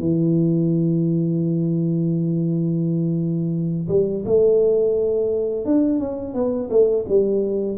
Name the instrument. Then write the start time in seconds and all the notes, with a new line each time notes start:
tuba
0.00 E3
3.89 G3
4.25 A3
5.66 D4
5.99 C#4
6.34 B3
6.70 A3
7.09 G3